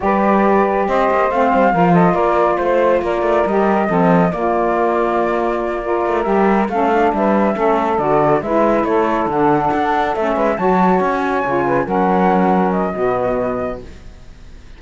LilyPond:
<<
  \new Staff \with { instrumentName = "flute" } { \time 4/4 \tempo 4 = 139 d''2 dis''4 f''4~ | f''8 dis''8 d''4 c''4 d''4 | dis''2 d''2~ | d''2~ d''8 e''4 f''8~ |
f''8 e''2 d''4 e''8~ | e''8 cis''4 fis''2 e''8~ | e''8 a''4 gis''2 fis''8~ | fis''4. dis''2~ dis''8 | }
  \new Staff \with { instrumentName = "saxophone" } { \time 4/4 b'2 c''2 | ais'8 a'8 ais'4 c''4 ais'4~ | ais'4 a'4 f'2~ | f'4. ais'2 a'8~ |
a'8 b'4 a'2 b'8~ | b'8 a'2.~ a'8 | b'8 cis''2~ cis''8 b'8 ais'8~ | ais'2 fis'2 | }
  \new Staff \with { instrumentName = "saxophone" } { \time 4/4 g'2. c'4 | f'1 | g'4 c'4 ais2~ | ais4. f'4 g'4 cis'8 |
d'4. cis'4 fis'4 e'8~ | e'4. d'2 cis'8~ | cis'8 fis'2 f'4 cis'8~ | cis'2 b2 | }
  \new Staff \with { instrumentName = "cello" } { \time 4/4 g2 c'8 ais8 a8 g8 | f4 ais4 a4 ais8 a8 | g4 f4 ais2~ | ais2 a8 g4 a8~ |
a8 g4 a4 d4 gis8~ | gis8 a4 d4 d'4 a8 | gis8 fis4 cis'4 cis4 fis8~ | fis2 b,2 | }
>>